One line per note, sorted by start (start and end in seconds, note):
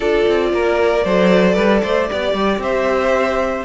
0.00 0.26 D4
0.00 1.02 F4
0.00 0.49 A4
0.00 2.61 D5
0.27 0.53 C4
0.53 1.05 A#3
0.53 1.04 A#4
1.04 1.56 F#3
1.04 2.09 A4
1.04 1.54 C5
1.54 1.82 G3
1.54 1.80 B4
1.82 2.09 A3
1.82 2.09 C5
2.09 2.33 B3
2.09 3.65 G4
2.09 2.62 D5
2.33 2.58 G3
2.58 3.62 C4
2.58 3.65 C5
2.58 3.65 E5